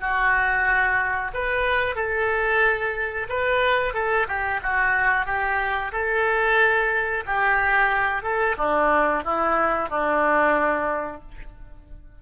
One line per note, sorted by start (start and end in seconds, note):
0.00 1.32 F#4
1.34 1.96 B4
1.96 3.28 A4
3.29 3.94 B4
3.94 4.27 A4
4.28 4.61 G4
4.63 5.26 F#4
5.26 5.92 G4
5.92 7.24 A4
7.26 8.23 G4
8.23 8.56 A4
8.58 9.24 D4
9.24 9.90 E4
9.90 11.21 D4